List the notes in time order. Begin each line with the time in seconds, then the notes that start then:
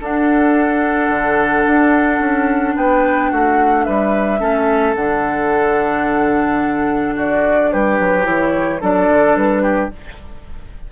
0.00 D4 A4 F#5
1.09 D3
1.67 D4
2.19 C#4
2.76 B3 B4 G5
3.31 A3 F#4 F#5
3.84 G3 B4 E5
4.39 A3 C#4 A4
4.95 D3 D4 F#5
7.15 F#4 D5
7.72 G3 G4 B4
7.99 F#3
8.23 E3 E4 C#5
8.80 F#3 D4 A4 D5
9.09 D3
9.35 G3 B4
9.62 G4